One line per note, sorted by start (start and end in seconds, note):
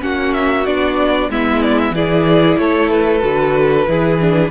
0.00 0.66 A#3
0.00 0.65 C#4
0.00 1.30 F#4
0.00 0.33 F#5
0.33 0.65 E5
0.65 1.29 B3
0.65 1.30 D4
0.65 1.30 D5
1.29 1.91 G#3
1.29 1.94 B3
1.29 1.95 E4
1.29 1.62 E5
1.62 1.78 D5
1.78 1.94 E5
1.91 2.55 E3
1.91 3.20 E4
1.91 2.59 G#4
1.91 2.58 D5
2.58 3.22 A3
2.58 3.88 A4
2.58 2.90 C#5
2.90 4.51 B4
3.20 3.87 D3
3.20 3.85 F#4
3.87 4.51 E3
3.87 4.19 E4
3.87 4.51 G#4
4.20 4.51 D4